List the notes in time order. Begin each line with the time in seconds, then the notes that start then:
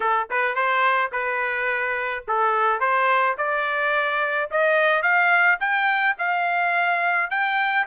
0.00 A4
0.30 B4
0.55 C5
1.12 B4
2.27 A4
2.80 C5
3.37 D5
4.51 D#5
5.02 F5
5.59 G5
6.18 F5
7.30 G5